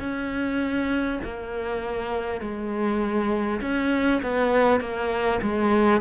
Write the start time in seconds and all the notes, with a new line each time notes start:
0.00 C#4
1.24 A#3
2.41 G#3
3.62 C#4
4.23 B3
4.81 A#3
5.42 G#3